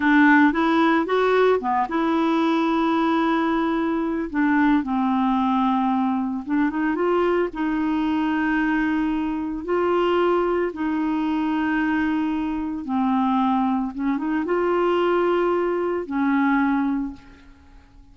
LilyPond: \new Staff \with { instrumentName = "clarinet" } { \time 4/4 \tempo 4 = 112 d'4 e'4 fis'4 b8 e'8~ | e'1 | d'4 c'2. | d'8 dis'8 f'4 dis'2~ |
dis'2 f'2 | dis'1 | c'2 cis'8 dis'8 f'4~ | f'2 cis'2 | }